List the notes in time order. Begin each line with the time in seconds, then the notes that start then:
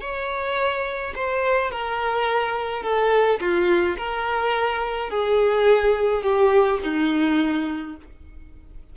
0.00 C#5
1.15 C5
1.71 A#4
2.83 A4
3.40 F4
3.98 A#4
5.10 G#4
6.22 G4
6.83 D#4